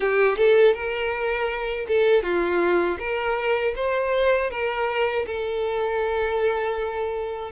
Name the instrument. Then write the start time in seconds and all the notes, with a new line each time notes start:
violin
0.00 G4
0.37 A4
0.74 A#4
1.88 A4
2.22 F4
2.99 A#4
3.75 C5
4.50 A#4
5.26 A4